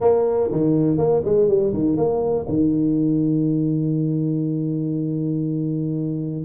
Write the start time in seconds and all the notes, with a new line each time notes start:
0.00 A#3
0.51 D#3
0.97 A#3
1.25 G#3
1.48 G3
1.73 D#3
1.97 A#3
2.48 D#3